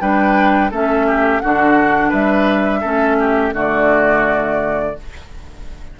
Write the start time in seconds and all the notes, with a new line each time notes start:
0.00 G3 D4 B4 G5
0.70 A3 C#4 A4 E5
1.06 G4
1.40 D3 D4 F#4 F#5
2.09 G3 B4 E5
2.80 A3 C#4 A4
3.19 G4
3.52 D3 A3 F#4 D5